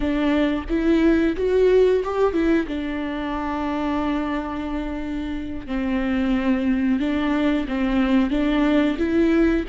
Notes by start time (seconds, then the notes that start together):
0.00 D4
0.69 E4
1.36 F#4
2.04 G4
2.33 E4
2.67 D4
5.67 C4
6.99 D4
7.68 C4
8.30 D4
8.98 E4